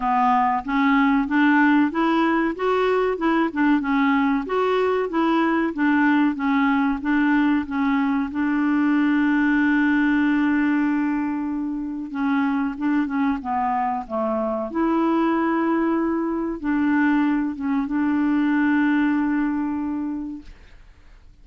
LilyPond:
\new Staff \with { instrumentName = "clarinet" } { \time 4/4 \tempo 4 = 94 b4 cis'4 d'4 e'4 | fis'4 e'8 d'8 cis'4 fis'4 | e'4 d'4 cis'4 d'4 | cis'4 d'2.~ |
d'2. cis'4 | d'8 cis'8 b4 a4 e'4~ | e'2 d'4. cis'8 | d'1 | }